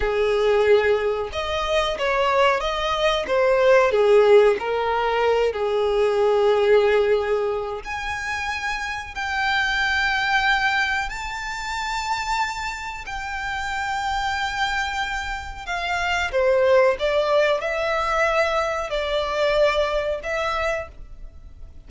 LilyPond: \new Staff \with { instrumentName = "violin" } { \time 4/4 \tempo 4 = 92 gis'2 dis''4 cis''4 | dis''4 c''4 gis'4 ais'4~ | ais'8 gis'2.~ gis'8 | gis''2 g''2~ |
g''4 a''2. | g''1 | f''4 c''4 d''4 e''4~ | e''4 d''2 e''4 | }